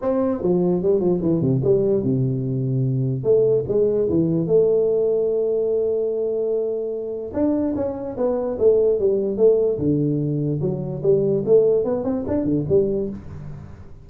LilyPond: \new Staff \with { instrumentName = "tuba" } { \time 4/4 \tempo 4 = 147 c'4 f4 g8 f8 e8 c8 | g4 c2. | a4 gis4 e4 a4~ | a1~ |
a2 d'4 cis'4 | b4 a4 g4 a4 | d2 fis4 g4 | a4 b8 c'8 d'8 d8 g4 | }